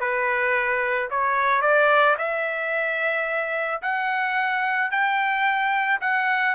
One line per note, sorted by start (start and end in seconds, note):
0.00 1.09 B4
1.11 1.62 C#5
1.62 2.16 D5
2.18 3.82 E5
3.82 4.91 F#5
4.91 6.00 G5
6.01 6.55 F#5